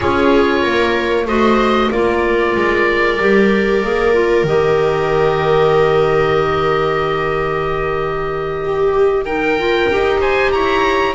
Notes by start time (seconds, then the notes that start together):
0.00 C#4 F4 G#4 C#5
0.61 A#3 A#4
1.25 A3 F#4 C5 D#5
1.91 A#3 F4 A#4 D5
2.55 G#3
3.19 G3 G4
3.83 A#3 G#4
4.13 F4
4.43 D#3 G4 D#5
8.64 G4
9.25 D#4 A#4 G5
9.58 F4
9.90 D#4 G4
10.20 C5 G#5
10.51 E4 C#5 A#5